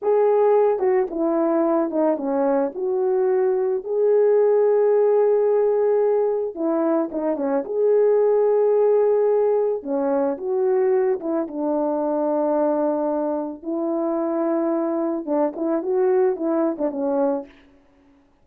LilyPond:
\new Staff \with { instrumentName = "horn" } { \time 4/4 \tempo 4 = 110 gis'4. fis'8 e'4. dis'8 | cis'4 fis'2 gis'4~ | gis'1 | e'4 dis'8 cis'8 gis'2~ |
gis'2 cis'4 fis'4~ | fis'8 e'8 d'2.~ | d'4 e'2. | d'8 e'8 fis'4 e'8. d'16 cis'4 | }